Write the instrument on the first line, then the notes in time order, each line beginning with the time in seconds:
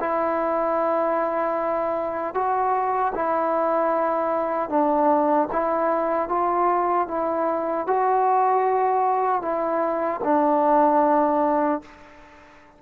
trombone
0.00 E4
2.34 F#4
3.14 E4
4.69 D4
5.52 E4
6.29 F4
7.08 E4
7.87 F#4
9.42 E4
10.24 D4